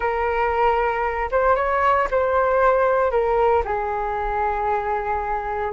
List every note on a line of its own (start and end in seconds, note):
0.00 1.29 A#4
1.31 1.55 C5
1.55 2.08 C#5
2.11 3.11 C5
3.11 3.63 A#4
3.64 5.72 G#4